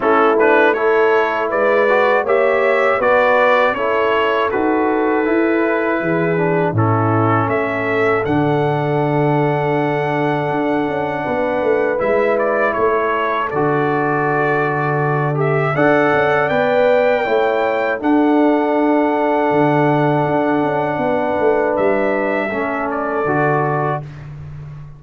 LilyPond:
<<
  \new Staff \with { instrumentName = "trumpet" } { \time 4/4 \tempo 4 = 80 a'8 b'8 cis''4 d''4 e''4 | d''4 cis''4 b'2~ | b'4 a'4 e''4 fis''4~ | fis''1 |
e''8 d''8 cis''4 d''2~ | d''8 e''8 fis''4 g''2 | fis''1~ | fis''4 e''4. d''4. | }
  \new Staff \with { instrumentName = "horn" } { \time 4/4 e'4 a'4 b'4 cis''4 | b'4 a'2. | gis'4 e'4 a'2~ | a'2. b'4~ |
b'4 a'2.~ | a'4 d''2 cis''4 | a'1 | b'2 a'2 | }
  \new Staff \with { instrumentName = "trombone" } { \time 4/4 cis'8 d'8 e'4. fis'8 g'4 | fis'4 e'4 fis'4 e'4~ | e'8 d'8 cis'2 d'4~ | d'1 |
e'2 fis'2~ | fis'8 g'8 a'4 b'4 e'4 | d'1~ | d'2 cis'4 fis'4 | }
  \new Staff \with { instrumentName = "tuba" } { \time 4/4 a2 gis4 ais4 | b4 cis'4 dis'4 e'4 | e4 a,4 a4 d4~ | d2 d'8 cis'8 b8 a8 |
gis4 a4 d2~ | d4 d'8 cis'8 b4 a4 | d'2 d4 d'8 cis'8 | b8 a8 g4 a4 d4 | }
>>